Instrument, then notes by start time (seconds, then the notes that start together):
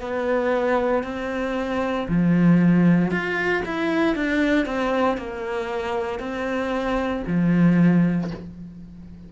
cello
0.00 B3
1.03 C4
2.08 F3
3.11 F4
3.65 E4
4.15 D4
4.66 C4
5.17 A#3
6.19 C4
7.27 F3